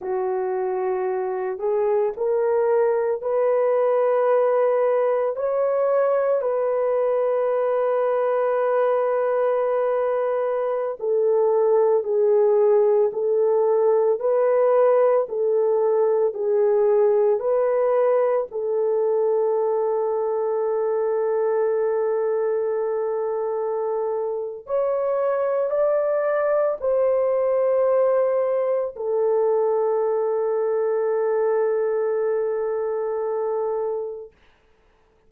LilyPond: \new Staff \with { instrumentName = "horn" } { \time 4/4 \tempo 4 = 56 fis'4. gis'8 ais'4 b'4~ | b'4 cis''4 b'2~ | b'2~ b'16 a'4 gis'8.~ | gis'16 a'4 b'4 a'4 gis'8.~ |
gis'16 b'4 a'2~ a'8.~ | a'2. cis''4 | d''4 c''2 a'4~ | a'1 | }